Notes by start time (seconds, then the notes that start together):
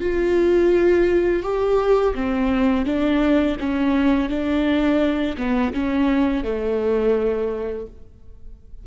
0.00 F4
1.42 G4
2.14 C4
2.85 D4
3.59 C#4
4.29 D4
5.37 B3
5.73 C#4
6.43 A3